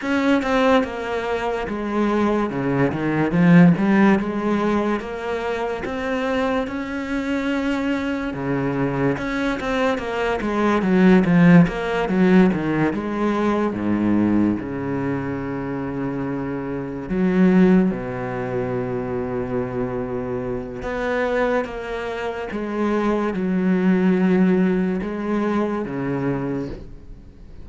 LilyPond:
\new Staff \with { instrumentName = "cello" } { \time 4/4 \tempo 4 = 72 cis'8 c'8 ais4 gis4 cis8 dis8 | f8 g8 gis4 ais4 c'4 | cis'2 cis4 cis'8 c'8 | ais8 gis8 fis8 f8 ais8 fis8 dis8 gis8~ |
gis8 gis,4 cis2~ cis8~ | cis8 fis4 b,2~ b,8~ | b,4 b4 ais4 gis4 | fis2 gis4 cis4 | }